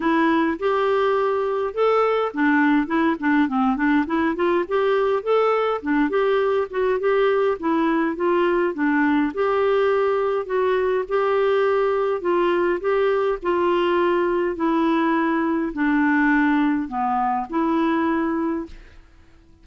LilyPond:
\new Staff \with { instrumentName = "clarinet" } { \time 4/4 \tempo 4 = 103 e'4 g'2 a'4 | d'4 e'8 d'8 c'8 d'8 e'8 f'8 | g'4 a'4 d'8 g'4 fis'8 | g'4 e'4 f'4 d'4 |
g'2 fis'4 g'4~ | g'4 f'4 g'4 f'4~ | f'4 e'2 d'4~ | d'4 b4 e'2 | }